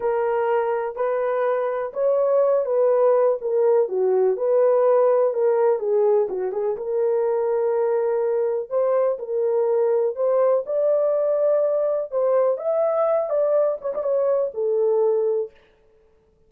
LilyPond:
\new Staff \with { instrumentName = "horn" } { \time 4/4 \tempo 4 = 124 ais'2 b'2 | cis''4. b'4. ais'4 | fis'4 b'2 ais'4 | gis'4 fis'8 gis'8 ais'2~ |
ais'2 c''4 ais'4~ | ais'4 c''4 d''2~ | d''4 c''4 e''4. d''8~ | d''8 cis''16 d''16 cis''4 a'2 | }